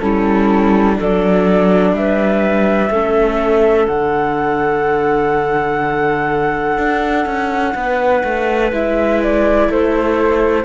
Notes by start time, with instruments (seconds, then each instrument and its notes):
0.00 cello G3, viola C#4, clarinet E4, flute A4
0.95 viola D4, clarinet A4, flute D5
1.01 cello F#3
1.93 cello G3, clarinet B4, flute E5
2.90 cello A3, viola C#4, clarinet A4
3.87 cello D3, viola D4, flute F#5
6.78 cello D4
7.26 cello C#4
7.75 cello B3, clarinet B4
8.24 cello A3
8.72 cello G#3, viola E4, flute E5
9.23 flute D5
9.69 cello A3, clarinet A4, flute C5